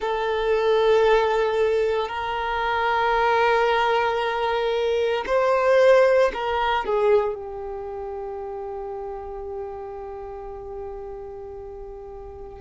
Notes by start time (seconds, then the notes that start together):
0.00 A4
2.08 A#4
5.26 C5
6.33 A#4
6.85 G#4
7.34 G4